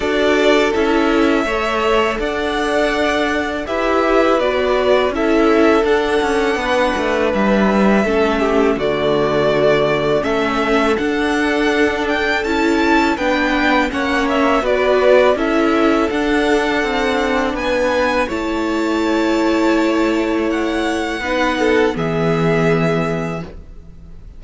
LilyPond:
<<
  \new Staff \with { instrumentName = "violin" } { \time 4/4 \tempo 4 = 82 d''4 e''2 fis''4~ | fis''4 e''4 d''4 e''4 | fis''2 e''2 | d''2 e''4 fis''4~ |
fis''8 g''8 a''4 g''4 fis''8 e''8 | d''4 e''4 fis''2 | gis''4 a''2. | fis''2 e''2 | }
  \new Staff \with { instrumentName = "violin" } { \time 4/4 a'2 cis''4 d''4~ | d''4 b'2 a'4~ | a'4 b'2 a'8 g'8 | fis'2 a'2~ |
a'2 b'4 cis''4 | b'4 a'2. | b'4 cis''2.~ | cis''4 b'8 a'8 gis'2 | }
  \new Staff \with { instrumentName = "viola" } { \time 4/4 fis'4 e'4 a'2~ | a'4 g'4 fis'4 e'4 | d'2. cis'4 | a2 cis'4 d'4~ |
d'4 e'4 d'4 cis'4 | fis'4 e'4 d'2~ | d'4 e'2.~ | e'4 dis'4 b2 | }
  \new Staff \with { instrumentName = "cello" } { \time 4/4 d'4 cis'4 a4 d'4~ | d'4 e'4 b4 cis'4 | d'8 cis'8 b8 a8 g4 a4 | d2 a4 d'4~ |
d'4 cis'4 b4 ais4 | b4 cis'4 d'4 c'4 | b4 a2.~ | a4 b4 e2 | }
>>